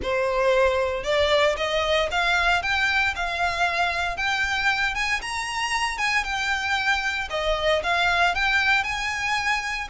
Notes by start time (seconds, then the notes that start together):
0.02 C5
1.03 D5
1.57 D#5
2.11 F5
2.62 G5
3.15 F5
4.16 G5
4.94 G#5
5.21 A#5
5.97 G#5
6.23 G5
7.30 D#5
7.83 F5
8.34 G5
8.83 G#5